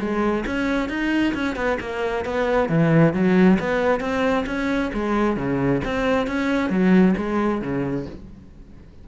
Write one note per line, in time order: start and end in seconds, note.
0.00 0.45 G#3
0.46 0.89 C#4
0.89 1.34 D#4
1.35 1.56 C#4
1.56 1.78 B3
1.81 2.25 A#3
2.25 2.69 B3
2.69 3.13 E3
3.13 3.58 F#3
3.60 4.01 B3
4.01 4.45 C4
4.47 4.91 C#4
4.94 5.37 G#3
5.37 5.82 C#3
5.85 6.27 C4
6.27 6.70 C#4
6.70 7.15 F#3
7.17 7.62 G#3
7.62 8.06 C#3